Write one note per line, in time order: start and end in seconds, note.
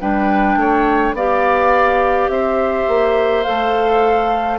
0.00 0.56 G3
0.00 1.17 D4
0.00 0.59 B4
0.00 1.15 G5
0.56 1.13 A3
0.56 1.16 C#5
1.13 2.28 B3
1.13 3.45 G4
1.13 2.31 D5
1.13 2.30 F5
2.28 2.86 C4
2.28 4.58 C5
2.28 3.43 E5
2.88 3.46 A#3
3.43 4.58 A3
3.43 4.58 A4
3.43 4.58 F5